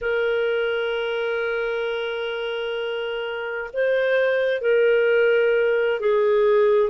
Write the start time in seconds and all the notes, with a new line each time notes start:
0.01 A#4
3.73 C5
4.61 A#4
6.00 G#4